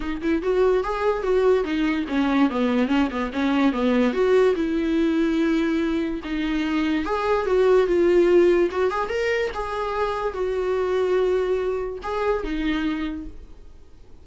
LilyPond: \new Staff \with { instrumentName = "viola" } { \time 4/4 \tempo 4 = 145 dis'8 e'8 fis'4 gis'4 fis'4 | dis'4 cis'4 b4 cis'8 b8 | cis'4 b4 fis'4 e'4~ | e'2. dis'4~ |
dis'4 gis'4 fis'4 f'4~ | f'4 fis'8 gis'8 ais'4 gis'4~ | gis'4 fis'2.~ | fis'4 gis'4 dis'2 | }